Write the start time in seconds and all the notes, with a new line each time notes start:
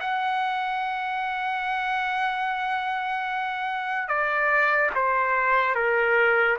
0.00 F#5
4.08 D5
4.95 C5
5.75 A#4